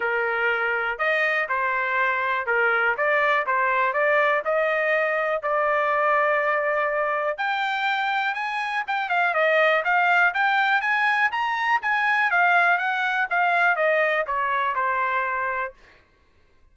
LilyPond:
\new Staff \with { instrumentName = "trumpet" } { \time 4/4 \tempo 4 = 122 ais'2 dis''4 c''4~ | c''4 ais'4 d''4 c''4 | d''4 dis''2 d''4~ | d''2. g''4~ |
g''4 gis''4 g''8 f''8 dis''4 | f''4 g''4 gis''4 ais''4 | gis''4 f''4 fis''4 f''4 | dis''4 cis''4 c''2 | }